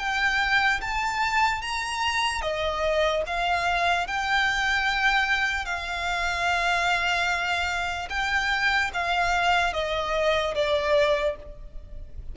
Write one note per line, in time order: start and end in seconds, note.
0.00 0.81 G5
0.82 1.62 A5
1.62 2.42 A#5
2.42 3.23 D#5
3.27 4.08 F5
4.08 5.66 G5
5.66 8.09 F5
8.10 8.91 G5
8.94 9.74 F5
9.74 10.55 D#5
10.56 11.37 D5